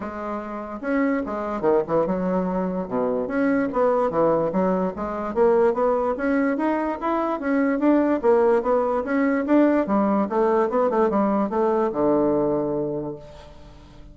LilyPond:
\new Staff \with { instrumentName = "bassoon" } { \time 4/4 \tempo 4 = 146 gis2 cis'4 gis4 | dis8 e8 fis2 b,4 | cis'4 b4 e4 fis4 | gis4 ais4 b4 cis'4 |
dis'4 e'4 cis'4 d'4 | ais4 b4 cis'4 d'4 | g4 a4 b8 a8 g4 | a4 d2. | }